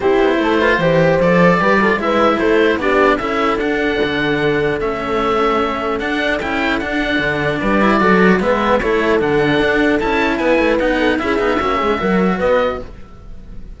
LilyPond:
<<
  \new Staff \with { instrumentName = "oboe" } { \time 4/4 \tempo 4 = 150 c''2. d''4~ | d''4 e''4 c''4 d''4 | e''4 fis''2. | e''2. fis''4 |
g''4 fis''2 d''4~ | d''4 e''4 cis''4 fis''4~ | fis''4 a''4 gis''4 fis''4 | e''2. dis''4 | }
  \new Staff \with { instrumentName = "horn" } { \time 4/4 g'4 a'8 b'8 c''2 | b'8 a'8 b'4 a'4 g'4 | a'1~ | a'1~ |
a'2. b'4 | a'4 b'4 a'2~ | a'2 b'4. a'8 | gis'4 fis'8 gis'8 ais'4 b'4 | }
  \new Staff \with { instrumentName = "cello" } { \time 4/4 e'4. f'8 g'4 a'4 | g'8 f'8 e'2 d'4 | e'4 d'2. | cis'2. d'4 |
e'4 d'2~ d'8 e'8 | fis'4 b4 e'4 d'4~ | d'4 e'2 dis'4 | e'8 dis'8 cis'4 fis'2 | }
  \new Staff \with { instrumentName = "cello" } { \time 4/4 c'8 b8 a4 e4 f4 | g4 gis4 a4 b4 | cis'4 d'4 d2 | a2. d'4 |
cis'4 d'4 d4 g4 | fis4 gis4 a4 d4 | d'4 cis'4 b8 a8 b4 | cis'8 b8 ais8 gis8 fis4 b4 | }
>>